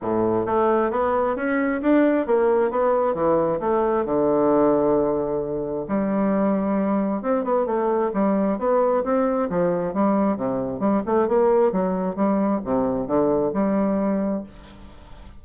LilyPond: \new Staff \with { instrumentName = "bassoon" } { \time 4/4 \tempo 4 = 133 a,4 a4 b4 cis'4 | d'4 ais4 b4 e4 | a4 d2.~ | d4 g2. |
c'8 b8 a4 g4 b4 | c'4 f4 g4 c4 | g8 a8 ais4 fis4 g4 | c4 d4 g2 | }